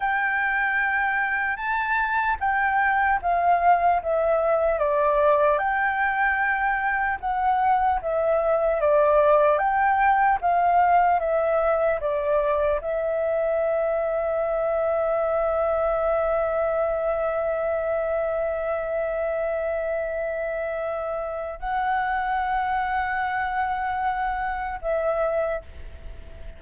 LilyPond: \new Staff \with { instrumentName = "flute" } { \time 4/4 \tempo 4 = 75 g''2 a''4 g''4 | f''4 e''4 d''4 g''4~ | g''4 fis''4 e''4 d''4 | g''4 f''4 e''4 d''4 |
e''1~ | e''1~ | e''2. fis''4~ | fis''2. e''4 | }